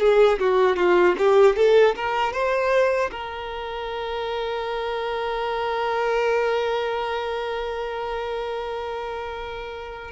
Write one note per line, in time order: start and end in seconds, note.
0.00 0.39 G#4
0.39 0.77 F#4
0.77 1.15 F4
1.18 1.56 G4
1.56 1.95 A4
1.96 2.33 A#4
2.33 3.11 C5
3.12 10.12 A#4